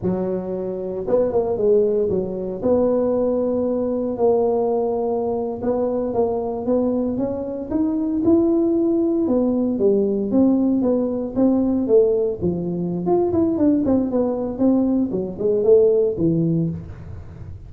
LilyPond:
\new Staff \with { instrumentName = "tuba" } { \time 4/4 \tempo 4 = 115 fis2 b8 ais8 gis4 | fis4 b2. | ais2~ ais8. b4 ais16~ | ais8. b4 cis'4 dis'4 e'16~ |
e'4.~ e'16 b4 g4 c'16~ | c'8. b4 c'4 a4 f16~ | f4 f'8 e'8 d'8 c'8 b4 | c'4 fis8 gis8 a4 e4 | }